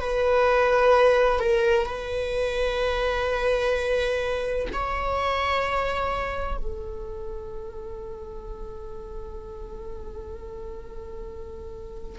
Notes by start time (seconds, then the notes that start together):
0.00 B4
1.40 A#4
1.86 B4
4.73 C#5
6.58 A4